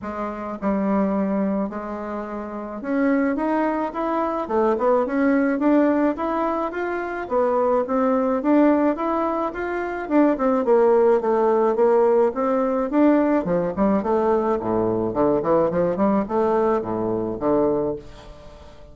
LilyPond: \new Staff \with { instrumentName = "bassoon" } { \time 4/4 \tempo 4 = 107 gis4 g2 gis4~ | gis4 cis'4 dis'4 e'4 | a8 b8 cis'4 d'4 e'4 | f'4 b4 c'4 d'4 |
e'4 f'4 d'8 c'8 ais4 | a4 ais4 c'4 d'4 | f8 g8 a4 a,4 d8 e8 | f8 g8 a4 a,4 d4 | }